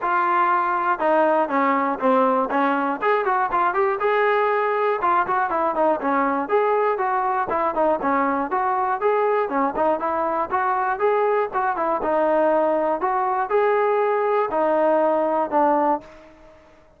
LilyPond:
\new Staff \with { instrumentName = "trombone" } { \time 4/4 \tempo 4 = 120 f'2 dis'4 cis'4 | c'4 cis'4 gis'8 fis'8 f'8 g'8 | gis'2 f'8 fis'8 e'8 dis'8 | cis'4 gis'4 fis'4 e'8 dis'8 |
cis'4 fis'4 gis'4 cis'8 dis'8 | e'4 fis'4 gis'4 fis'8 e'8 | dis'2 fis'4 gis'4~ | gis'4 dis'2 d'4 | }